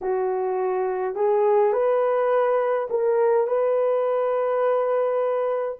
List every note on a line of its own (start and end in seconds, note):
0.01 1.15 F#4
1.15 1.73 G#4
1.73 2.88 B4
2.90 3.47 A#4
3.47 5.77 B4